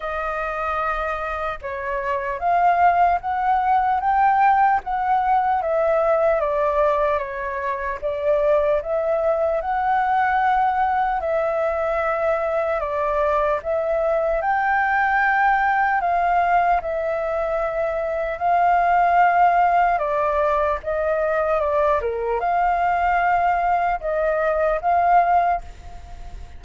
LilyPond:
\new Staff \with { instrumentName = "flute" } { \time 4/4 \tempo 4 = 75 dis''2 cis''4 f''4 | fis''4 g''4 fis''4 e''4 | d''4 cis''4 d''4 e''4 | fis''2 e''2 |
d''4 e''4 g''2 | f''4 e''2 f''4~ | f''4 d''4 dis''4 d''8 ais'8 | f''2 dis''4 f''4 | }